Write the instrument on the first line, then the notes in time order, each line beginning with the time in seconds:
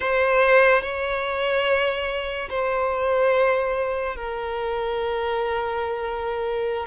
violin
0.00 C5
0.81 C#5
2.49 C5
4.16 A#4